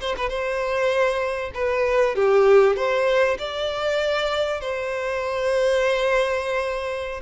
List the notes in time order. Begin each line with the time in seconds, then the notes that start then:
0.00 C5
0.17 B4
0.29 C5
1.54 B4
2.15 G4
2.76 C5
3.38 D5
4.61 C5